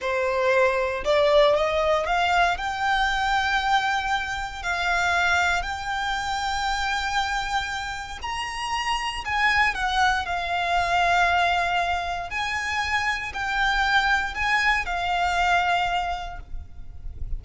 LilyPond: \new Staff \with { instrumentName = "violin" } { \time 4/4 \tempo 4 = 117 c''2 d''4 dis''4 | f''4 g''2.~ | g''4 f''2 g''4~ | g''1 |
ais''2 gis''4 fis''4 | f''1 | gis''2 g''2 | gis''4 f''2. | }